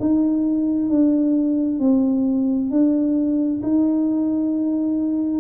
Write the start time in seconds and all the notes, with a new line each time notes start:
0.00 D#4
0.89 D4
1.79 C4
2.70 D4
3.62 D#4